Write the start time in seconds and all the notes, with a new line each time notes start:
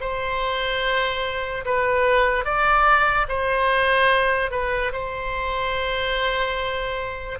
0.00 C5
1.65 B4
2.44 D5
3.28 C5
4.51 B4
4.92 C5